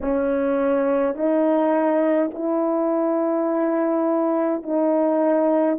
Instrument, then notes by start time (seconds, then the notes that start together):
horn
0.01 C#4
1.15 D#4
2.33 E4
4.63 D#4